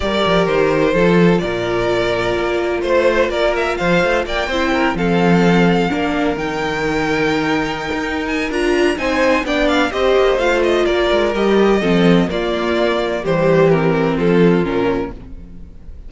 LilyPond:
<<
  \new Staff \with { instrumentName = "violin" } { \time 4/4 \tempo 4 = 127 d''4 c''2 d''4~ | d''2 c''4 d''8 e''8 | f''4 g''4. f''4.~ | f''4. g''2~ g''8~ |
g''4. gis''8 ais''4 gis''4 | g''8 f''8 dis''4 f''8 dis''8 d''4 | dis''2 d''2 | c''4 ais'4 a'4 ais'4 | }
  \new Staff \with { instrumentName = "violin" } { \time 4/4 ais'2 a'4 ais'4~ | ais'2 c''4 ais'4 | c''4 d''8 c''8 ais'8 a'4.~ | a'8 ais'2.~ ais'8~ |
ais'2. c''4 | d''4 c''2 ais'4~ | ais'4 a'4 f'2 | g'2 f'2 | }
  \new Staff \with { instrumentName = "viola" } { \time 4/4 g'2 f'2~ | f'1~ | f'4. e'4 c'4.~ | c'8 d'4 dis'2~ dis'8~ |
dis'2 f'4 dis'4 | d'4 g'4 f'2 | g'4 c'4 ais2 | g4 c'2 cis'4 | }
  \new Staff \with { instrumentName = "cello" } { \time 4/4 g8 f8 dis4 f4 ais,4~ | ais,4 ais4 a4 ais4 | f8 a8 ais8 c'4 f4.~ | f8 ais4 dis2~ dis8~ |
dis8. dis'4~ dis'16 d'4 c'4 | b4 c'8 ais8 a4 ais8 gis8 | g4 f4 ais2 | e2 f4 ais,4 | }
>>